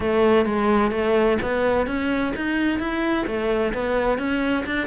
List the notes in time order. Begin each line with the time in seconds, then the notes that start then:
0.00 A3
0.45 G#3
0.91 A3
1.42 B3
1.86 C#4
2.36 D#4
2.79 E4
3.26 A3
3.73 B3
4.18 C#4
4.66 D4